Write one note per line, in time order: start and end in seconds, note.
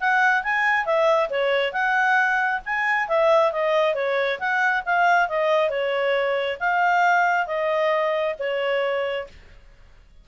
0.00 0.43 F#5
0.43 0.85 G#5
0.85 1.29 E5
1.30 1.72 C#5
1.72 2.60 F#5
2.65 3.08 G#5
3.08 3.52 E5
3.52 3.94 D#5
3.94 4.39 C#5
4.39 4.83 F#5
4.85 5.28 F5
5.28 5.70 D#5
5.70 6.58 C#5
6.60 7.46 F5
7.46 8.34 D#5
8.39 9.27 C#5